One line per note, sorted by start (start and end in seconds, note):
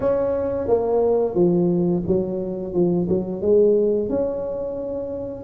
0.00 0.67 C#4
0.67 1.34 A#3
1.34 2.02 F3
2.06 2.73 F#3
2.73 3.07 F3
3.09 3.41 F#3
3.41 4.09 G#3
4.09 5.44 C#4